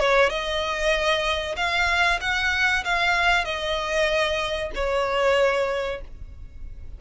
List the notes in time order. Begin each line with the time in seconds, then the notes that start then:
0.00 C#5
0.30 D#5
1.57 F5
2.21 F#5
2.85 F5
3.45 D#5
4.75 C#5